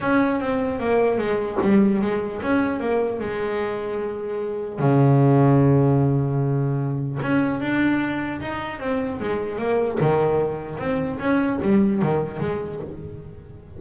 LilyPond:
\new Staff \with { instrumentName = "double bass" } { \time 4/4 \tempo 4 = 150 cis'4 c'4 ais4 gis4 | g4 gis4 cis'4 ais4 | gis1 | cis1~ |
cis2 cis'4 d'4~ | d'4 dis'4 c'4 gis4 | ais4 dis2 c'4 | cis'4 g4 dis4 gis4 | }